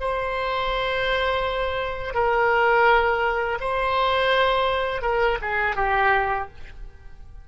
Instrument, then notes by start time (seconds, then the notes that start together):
oboe
0.00 C5
2.14 A#4
3.60 C5
5.02 A#4
5.42 G#4
5.76 G4